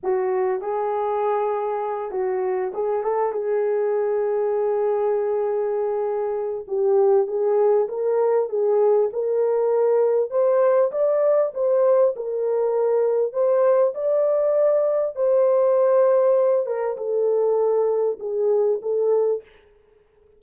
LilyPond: \new Staff \with { instrumentName = "horn" } { \time 4/4 \tempo 4 = 99 fis'4 gis'2~ gis'8 fis'8~ | fis'8 gis'8 a'8 gis'2~ gis'8~ | gis'2. g'4 | gis'4 ais'4 gis'4 ais'4~ |
ais'4 c''4 d''4 c''4 | ais'2 c''4 d''4~ | d''4 c''2~ c''8 ais'8 | a'2 gis'4 a'4 | }